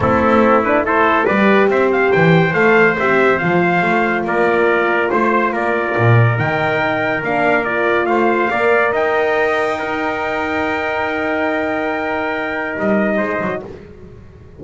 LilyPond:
<<
  \new Staff \with { instrumentName = "trumpet" } { \time 4/4 \tempo 4 = 141 a'4. b'8 c''4 d''4 | e''8 f''8 g''4 f''4 e''4 | f''2 d''2 | c''4 d''2 g''4~ |
g''4 f''4 d''4 f''4~ | f''4 g''2.~ | g''1~ | g''2 dis''2 | }
  \new Staff \with { instrumentName = "trumpet" } { \time 4/4 e'2 a'4 b'4 | c''1~ | c''2 ais'2 | c''4 ais'2.~ |
ais'2. c''4 | d''4 dis''2 ais'4~ | ais'1~ | ais'2. c''4 | }
  \new Staff \with { instrumentName = "horn" } { \time 4/4 c'4. d'8 e'4 g'4~ | g'2 a'4 g'4 | f'1~ | f'2. dis'4~ |
dis'4 d'4 f'2 | ais'2. dis'4~ | dis'1~ | dis'1 | }
  \new Staff \with { instrumentName = "double bass" } { \time 4/4 a2. g4 | c'4 e4 a4 c'4 | f4 a4 ais2 | a4 ais4 ais,4 dis4~ |
dis4 ais2 a4 | ais4 dis'2.~ | dis'1~ | dis'2 g4 gis8 fis8 | }
>>